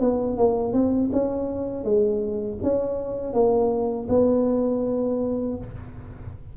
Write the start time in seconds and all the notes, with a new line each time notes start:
0.00 B3
0.37 A#3
0.73 C4
1.12 C#4
1.84 G#3
2.63 C#4
3.33 A#3
4.09 B3